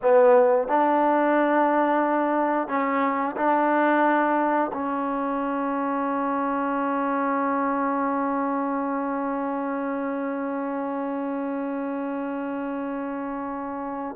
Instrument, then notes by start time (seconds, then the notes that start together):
trombone
0.02 B3
0.68 D4
2.68 C#4
3.36 D4
4.73 C#4